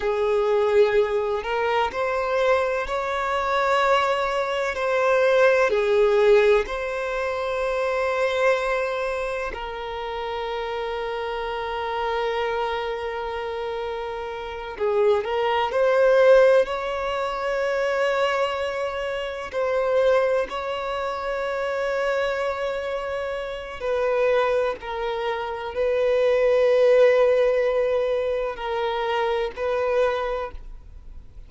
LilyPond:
\new Staff \with { instrumentName = "violin" } { \time 4/4 \tempo 4 = 63 gis'4. ais'8 c''4 cis''4~ | cis''4 c''4 gis'4 c''4~ | c''2 ais'2~ | ais'2.~ ais'8 gis'8 |
ais'8 c''4 cis''2~ cis''8~ | cis''8 c''4 cis''2~ cis''8~ | cis''4 b'4 ais'4 b'4~ | b'2 ais'4 b'4 | }